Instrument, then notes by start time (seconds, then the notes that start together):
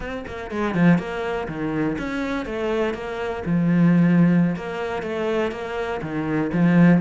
cello
0.00 C4
0.27 A#3
0.51 G#3
0.74 F3
0.98 A#3
1.48 D#3
1.98 C#4
2.45 A3
2.94 A#3
3.45 F3
4.56 A#3
5.02 A3
5.51 A#3
6.02 D#3
6.53 F3